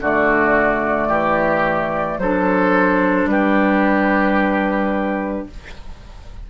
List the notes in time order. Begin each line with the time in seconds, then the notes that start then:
0.00 D3 A3 F#4 D5
1.08 E3 G4
2.18 F#3 D4 A4 C5
3.25 G3 G4 B4